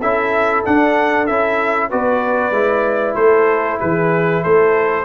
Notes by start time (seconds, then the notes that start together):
0.00 C#4 E4 A4 E5
0.66 D4 F#5
1.27 C#4 E4 E5
1.89 B3 F#4 B4 D5
2.51 G#3 E4
3.15 A3 A4 C5
3.80 E3 G#4 B4
4.43 A3 A4 C5